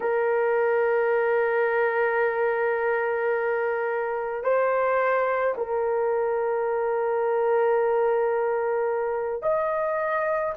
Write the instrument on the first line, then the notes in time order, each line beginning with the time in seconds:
horn
0.00 A#4
4.43 C5
5.57 A#4
9.42 D#5